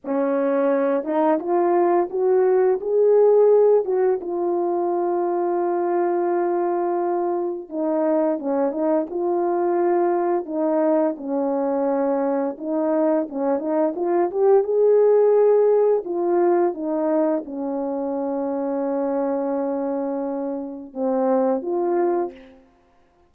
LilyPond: \new Staff \with { instrumentName = "horn" } { \time 4/4 \tempo 4 = 86 cis'4. dis'8 f'4 fis'4 | gis'4. fis'8 f'2~ | f'2. dis'4 | cis'8 dis'8 f'2 dis'4 |
cis'2 dis'4 cis'8 dis'8 | f'8 g'8 gis'2 f'4 | dis'4 cis'2.~ | cis'2 c'4 f'4 | }